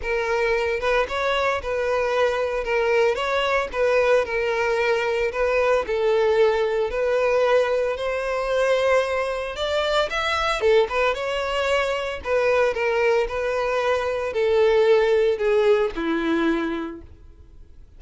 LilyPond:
\new Staff \with { instrumentName = "violin" } { \time 4/4 \tempo 4 = 113 ais'4. b'8 cis''4 b'4~ | b'4 ais'4 cis''4 b'4 | ais'2 b'4 a'4~ | a'4 b'2 c''4~ |
c''2 d''4 e''4 | a'8 b'8 cis''2 b'4 | ais'4 b'2 a'4~ | a'4 gis'4 e'2 | }